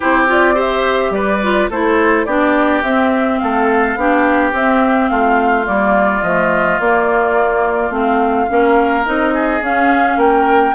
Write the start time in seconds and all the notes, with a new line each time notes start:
0.00 C4 E4 G4 C5
0.27 F4 D5
0.54 G4 C5 E5
1.10 G3 B4 D5
1.42 F4
1.69 A3 E4 A4 C5
2.25 B3 D4 G4 D5
2.82 C4 E5
3.38 A3 A4 F5
3.96 B3 D4 G4
4.52 C4 E5
5.08 A3 F4 F5
5.65 G3 A#3 D5
6.22 F3 A3 D#5
6.79 A#3 D5
7.90 A3 C4 F5
8.47 A#3 C#4 A#4
9.04 C4 D#4 D#5
9.33 G#4
9.61 C#4 F5
10.16 A#3 A#4 G5